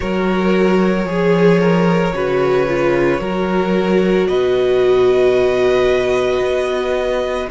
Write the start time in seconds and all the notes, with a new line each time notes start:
0.00 F#3 F#4 A#4 C#5
1.04 F3 G#4
1.60 A#4
2.13 C#3 F#4 B4
2.67 F4
3.20 F#3 F#4 A#4
4.27 B2 B4 D#5
6.40 B3